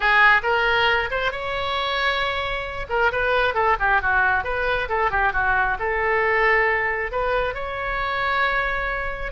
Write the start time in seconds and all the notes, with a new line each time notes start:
0.00 G#4
0.43 A#4
1.11 C5
1.31 C#5
2.89 A#4
3.12 B4
3.54 A4
3.79 G4
4.01 F#4
4.43 B4
4.88 A4
5.11 G4
5.33 F#4
5.79 A4
7.11 B4
7.54 C#5